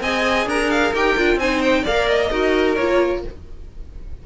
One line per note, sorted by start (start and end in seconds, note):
0.00 0.46 C4
0.00 0.95 G#4
0.00 0.47 D#5
0.00 0.48 G#5
0.46 0.92 D4
0.46 1.39 A#4
0.46 0.70 A#5
0.70 0.93 F5
0.93 1.16 D#4
0.93 1.17 G4
0.93 1.39 G5
1.17 1.35 D4
1.17 1.40 F4
1.35 1.82 C4
1.35 1.82 C5
1.35 1.61 G#5
1.42 1.86 D#4
1.61 1.84 G5
1.82 2.30 A#3
1.82 2.31 A#4
1.82 2.29 D5
1.82 2.08 F5
2.08 2.76 D#5
2.30 2.76 D#4
2.30 2.77 F#4
2.30 3.23 A#4
2.76 3.23 A#3
2.76 3.26 F4
2.76 3.22 C#5